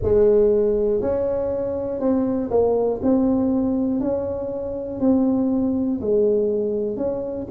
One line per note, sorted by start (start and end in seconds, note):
0.02 1.01 G#3
1.01 2.00 C#4
2.00 2.50 C4
2.50 3.00 A#3
3.02 4.00 C4
4.00 5.00 C#4
5.00 6.00 C4
6.00 6.96 G#3
6.96 7.46 C#4